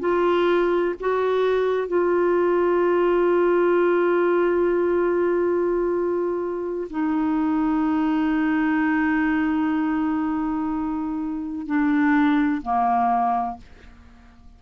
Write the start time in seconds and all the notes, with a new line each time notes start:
0.00 F4
1.00 F#4
1.88 F4
6.90 D#4
11.67 D4
12.62 A#3